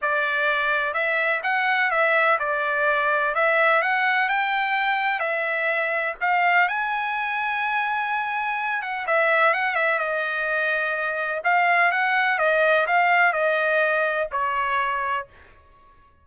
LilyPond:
\new Staff \with { instrumentName = "trumpet" } { \time 4/4 \tempo 4 = 126 d''2 e''4 fis''4 | e''4 d''2 e''4 | fis''4 g''2 e''4~ | e''4 f''4 gis''2~ |
gis''2~ gis''8 fis''8 e''4 | fis''8 e''8 dis''2. | f''4 fis''4 dis''4 f''4 | dis''2 cis''2 | }